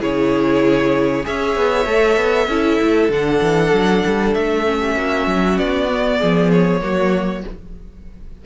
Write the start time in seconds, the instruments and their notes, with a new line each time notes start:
0.00 cello C#3, viola E4, violin G#4 C#5
1.23 cello C#4, viola G#4, violin C#5 E5
1.57 cello B3
1.86 cello A3, viola A4
2.17 cello B3
2.48 cello C#4, viola E4, violin A4
2.82 cello A3
3.09 cello D3, viola D4, violin F#5
3.42 cello E3
3.73 cello F#3
4.06 cello G3
4.34 cello A3, violin E5
4.65 viola C#4
4.78 violin G4
4.96 cello A#3, violin F#4
5.27 cello F#3
5.58 cello B3, violin D5
5.88 viola B3
6.19 cello F3, violin G#4
6.52 violin C#5
6.80 cello F#3, viola A#3, violin F#4